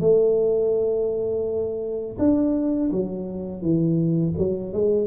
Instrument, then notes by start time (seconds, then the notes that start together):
tuba
0.00 A3
2.18 D4
2.91 F#3
3.61 E3
4.37 F#3
4.73 G#3